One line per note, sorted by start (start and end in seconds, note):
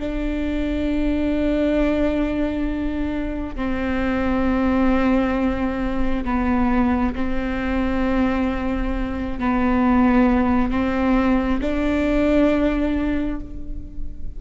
0.00 3.56 D4
3.56 6.24 C4
6.25 7.14 B3
7.16 9.39 C4
9.39 10.71 B3
10.71 11.61 C4
11.61 13.40 D4